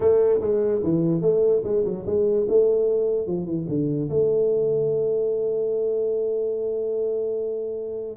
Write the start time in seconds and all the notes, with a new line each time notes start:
0.00 A3
0.40 G#3
0.83 E3
1.21 A3
1.64 G#3
1.85 F#3
2.06 G#3
2.48 A3
3.26 F3
3.45 E3
3.68 D3
4.09 A3